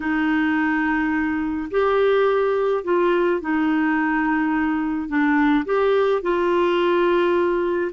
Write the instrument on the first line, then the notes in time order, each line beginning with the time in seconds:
clarinet
0.00 D#4
1.70 G4
2.84 F4
3.41 D#4
5.08 D4
5.65 G4
6.22 F4